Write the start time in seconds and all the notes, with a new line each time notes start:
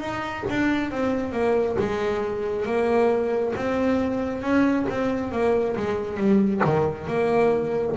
0.00 D#4
0.49 D4
0.91 C4
1.32 A#3
1.79 G#3
2.66 A#3
3.56 C4
4.42 C#4
4.89 C4
5.31 A#3
5.76 G#3
6.17 G3
6.64 D#3
7.07 A#3